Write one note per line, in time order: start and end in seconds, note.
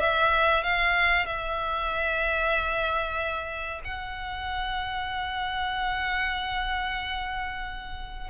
0.00 0.63 E5
0.63 1.26 F5
1.26 3.81 E5
3.84 8.30 F#5